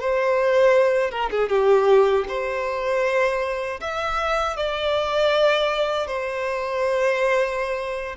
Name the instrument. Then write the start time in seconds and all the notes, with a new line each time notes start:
violin
0.00 C5
1.11 A#4
1.30 G#4
1.49 G4
2.28 C5
3.81 E5
4.57 D5
6.07 C5